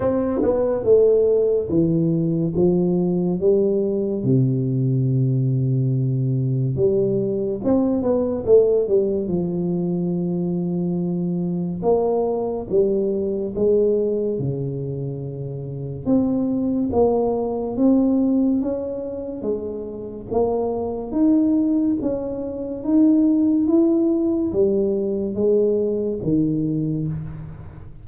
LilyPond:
\new Staff \with { instrumentName = "tuba" } { \time 4/4 \tempo 4 = 71 c'8 b8 a4 e4 f4 | g4 c2. | g4 c'8 b8 a8 g8 f4~ | f2 ais4 g4 |
gis4 cis2 c'4 | ais4 c'4 cis'4 gis4 | ais4 dis'4 cis'4 dis'4 | e'4 g4 gis4 dis4 | }